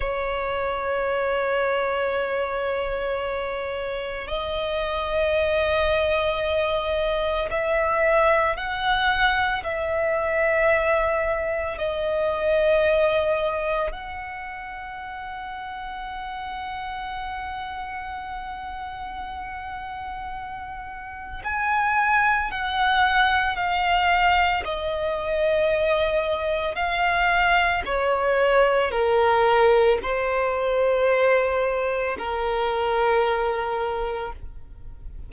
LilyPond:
\new Staff \with { instrumentName = "violin" } { \time 4/4 \tempo 4 = 56 cis''1 | dis''2. e''4 | fis''4 e''2 dis''4~ | dis''4 fis''2.~ |
fis''1 | gis''4 fis''4 f''4 dis''4~ | dis''4 f''4 cis''4 ais'4 | c''2 ais'2 | }